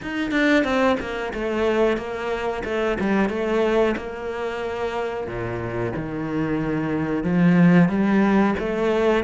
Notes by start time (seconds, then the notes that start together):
0.01 D#4
0.31 D4
0.64 C4
1.00 A#3
1.33 A3
1.97 A#3
2.64 A3
3.00 G3
3.29 A3
3.97 A#3
5.27 A#2
5.96 D#3
7.23 F3
7.89 G3
8.59 A3